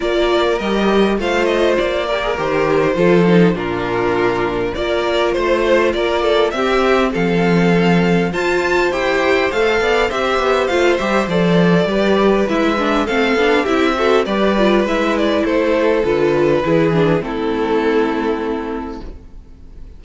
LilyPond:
<<
  \new Staff \with { instrumentName = "violin" } { \time 4/4 \tempo 4 = 101 d''4 dis''4 f''8 dis''8 d''4 | c''2 ais'2 | d''4 c''4 d''4 e''4 | f''2 a''4 g''4 |
f''4 e''4 f''8 e''8 d''4~ | d''4 e''4 f''4 e''4 | d''4 e''8 d''8 c''4 b'4~ | b'4 a'2. | }
  \new Staff \with { instrumentName = "violin" } { \time 4/4 ais'2 c''4. ais'8~ | ais'4 a'4 f'2 | ais'4 c''4 ais'8 a'8 g'4 | a'2 c''2~ |
c''8 d''8 c''2. | b'2 a'4 g'8 a'8 | b'2 a'2 | gis'4 e'2. | }
  \new Staff \with { instrumentName = "viola" } { \time 4/4 f'4 g'4 f'4. g'16 gis'16 | g'4 f'8 dis'8 d'2 | f'2. c'4~ | c'2 f'4 g'4 |
a'4 g'4 f'8 g'8 a'4 | g'4 e'8 d'8 c'8 d'8 e'8 fis'8 | g'8 f'8 e'2 f'4 | e'8 d'8 c'2. | }
  \new Staff \with { instrumentName = "cello" } { \time 4/4 ais4 g4 a4 ais4 | dis4 f4 ais,2 | ais4 a4 ais4 c'4 | f2 f'4 e'4 |
a8 b8 c'8 b8 a8 g8 f4 | g4 gis4 a8 b8 c'4 | g4 gis4 a4 d4 | e4 a2. | }
>>